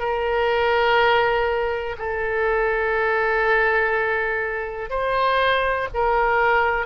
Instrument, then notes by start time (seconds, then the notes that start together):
oboe
0.00 A#4
1.99 A4
4.90 C5
5.94 A#4